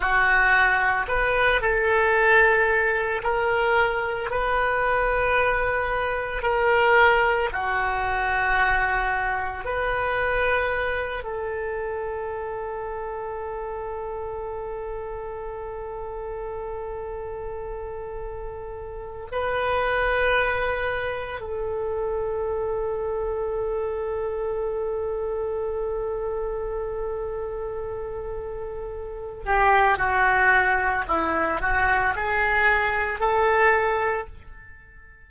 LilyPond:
\new Staff \with { instrumentName = "oboe" } { \time 4/4 \tempo 4 = 56 fis'4 b'8 a'4. ais'4 | b'2 ais'4 fis'4~ | fis'4 b'4. a'4.~ | a'1~ |
a'2 b'2 | a'1~ | a'2.~ a'8 g'8 | fis'4 e'8 fis'8 gis'4 a'4 | }